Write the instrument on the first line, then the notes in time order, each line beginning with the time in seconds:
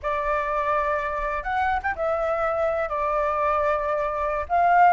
flute
0.02 D5
1.43 F#5
1.82 G5
1.95 E5
2.89 D5
4.49 F5